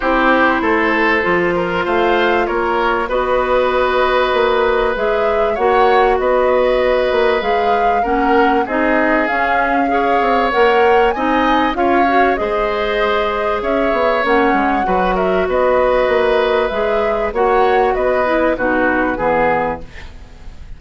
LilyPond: <<
  \new Staff \with { instrumentName = "flute" } { \time 4/4 \tempo 4 = 97 c''2. f''4 | cis''4 dis''2. | e''4 fis''4 dis''2 | f''4 fis''4 dis''4 f''4~ |
f''4 fis''4 gis''4 f''4 | dis''2 e''4 fis''4~ | fis''8 e''8 dis''2 e''4 | fis''4 dis''4 b'2 | }
  \new Staff \with { instrumentName = "oboe" } { \time 4/4 g'4 a'4. ais'8 c''4 | ais'4 b'2.~ | b'4 cis''4 b'2~ | b'4 ais'4 gis'2 |
cis''2 dis''4 cis''4 | c''2 cis''2 | b'8 ais'8 b'2. | cis''4 b'4 fis'4 gis'4 | }
  \new Staff \with { instrumentName = "clarinet" } { \time 4/4 e'2 f'2~ | f'4 fis'2. | gis'4 fis'2. | gis'4 cis'4 dis'4 cis'4 |
gis'4 ais'4 dis'4 f'8 fis'8 | gis'2. cis'4 | fis'2. gis'4 | fis'4. e'8 dis'4 b4 | }
  \new Staff \with { instrumentName = "bassoon" } { \time 4/4 c'4 a4 f4 a4 | ais4 b2 ais4 | gis4 ais4 b4. ais8 | gis4 ais4 c'4 cis'4~ |
cis'8 c'8 ais4 c'4 cis'4 | gis2 cis'8 b8 ais8 gis8 | fis4 b4 ais4 gis4 | ais4 b4 b,4 e4 | }
>>